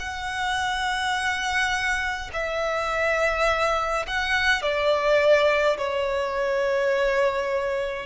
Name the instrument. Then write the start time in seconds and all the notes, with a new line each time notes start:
violin
0.00 F#5
2.33 E5
4.07 F#5
4.62 D5
5.77 C#5